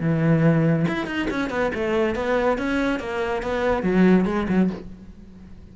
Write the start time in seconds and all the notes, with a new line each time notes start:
0.00 E3
0.88 E4
1.06 D#4
1.30 C#4
1.50 B3
1.74 A3
2.15 B3
2.57 C#4
2.99 A#3
3.42 B3
3.83 F#3
4.25 G#3
4.48 F#3